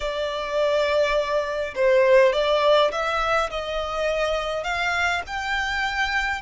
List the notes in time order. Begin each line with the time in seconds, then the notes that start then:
0.00 D5
1.75 C5
2.32 D5
2.91 E5
3.50 D#5
4.63 F5
5.26 G5